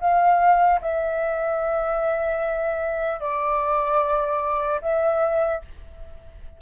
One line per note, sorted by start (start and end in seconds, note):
0.00 0.80 F5
0.81 3.20 E5
3.20 4.80 D5
4.81 5.61 E5